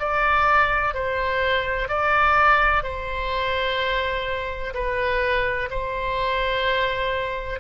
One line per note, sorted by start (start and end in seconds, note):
0.00 0.94 D5
0.94 1.89 C5
1.89 2.84 D5
2.84 4.74 C5
4.74 5.70 B4
5.71 7.60 C5